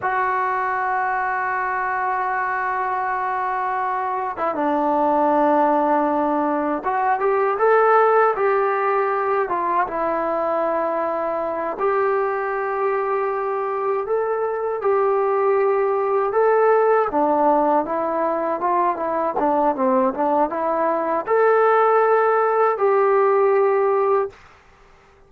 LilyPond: \new Staff \with { instrumentName = "trombone" } { \time 4/4 \tempo 4 = 79 fis'1~ | fis'4.~ fis'16 e'16 d'2~ | d'4 fis'8 g'8 a'4 g'4~ | g'8 f'8 e'2~ e'8 g'8~ |
g'2~ g'8 a'4 g'8~ | g'4. a'4 d'4 e'8~ | e'8 f'8 e'8 d'8 c'8 d'8 e'4 | a'2 g'2 | }